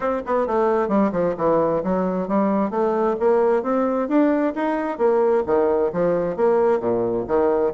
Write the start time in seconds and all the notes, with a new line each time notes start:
0.00 C4
0.25 B3
0.47 A3
0.88 G3
1.12 F3
1.37 E3
1.83 F#3
2.28 G3
2.70 A3
3.19 A#3
3.63 C4
4.08 D4
4.55 D#4
4.98 A#3
5.46 D#3
5.92 F3
6.36 A#3
6.80 A#2
7.27 D#3